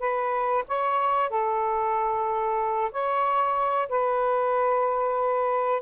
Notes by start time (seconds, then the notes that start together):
0.00 B4
0.68 C#5
1.30 A4
2.92 C#5
3.89 B4